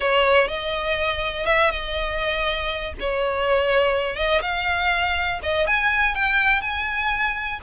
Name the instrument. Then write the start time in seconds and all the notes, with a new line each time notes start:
violin
0.00 C#5
0.48 D#5
1.46 E5
1.70 D#5
3.00 C#5
4.16 D#5
4.41 F5
5.42 D#5
5.67 G#5
6.15 G5
6.61 G#5